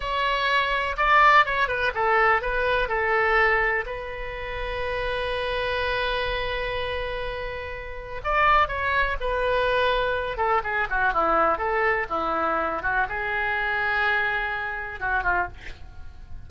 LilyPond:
\new Staff \with { instrumentName = "oboe" } { \time 4/4 \tempo 4 = 124 cis''2 d''4 cis''8 b'8 | a'4 b'4 a'2 | b'1~ | b'1~ |
b'4 d''4 cis''4 b'4~ | b'4. a'8 gis'8 fis'8 e'4 | a'4 e'4. fis'8 gis'4~ | gis'2. fis'8 f'8 | }